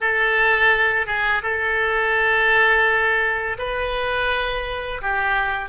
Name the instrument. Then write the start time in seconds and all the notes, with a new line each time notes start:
oboe
0.01 A4
1.06 G#4
1.43 A4
3.58 B4
5.01 G4